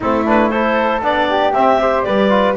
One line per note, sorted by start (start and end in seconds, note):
0.00 1.02 A3
0.00 0.25 C4
0.00 0.51 E4
0.00 0.27 A4
0.25 0.51 D4
0.25 0.50 B4
0.50 1.01 E4
0.50 1.28 A4
0.50 1.01 C5
1.01 1.53 B3
1.01 1.53 D4
1.01 1.53 D5
1.28 1.79 G4
1.53 2.05 C4
1.53 1.79 C4
1.53 2.02 E5
1.79 2.29 G4
1.79 2.05 C5
2.02 2.56 G3
2.02 2.56 B4
2.02 2.54 D5
2.29 2.54 F4